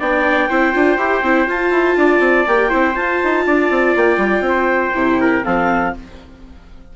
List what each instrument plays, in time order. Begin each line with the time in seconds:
0.00 bassoon B3, viola D4, trumpet D5, clarinet G5
0.50 bassoon C4, viola E4, trumpet C5
0.73 bassoon D4, viola F4
0.98 bassoon E4, viola G4
1.23 bassoon C4, viola E4
1.47 bassoon F4, viola F4, clarinet A5
1.71 bassoon E4
1.97 bassoon D4, trumpet D5
2.20 bassoon C4
2.48 bassoon A#3, viola G4, clarinet G5
2.70 bassoon C4, viola E4, trumpet C5
2.95 viola F4, bassoon F4, clarinet A5
3.24 bassoon D#4
3.47 bassoon D4, trumpet D5
3.71 bassoon C4
3.97 bassoon A#3, clarinet G5
4.18 bassoon G3
4.41 bassoon C4
4.49 trumpet C5
4.95 bassoon C3, viola E4
5.21 trumpet A#4
5.44 bassoon F3, viola C4, trumpet A4, clarinet F5